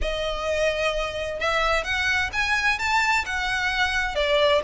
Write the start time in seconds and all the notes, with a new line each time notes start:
0.01 D#5
1.39 E5
1.84 F#5
2.32 G#5
2.78 A5
3.25 F#5
4.15 D5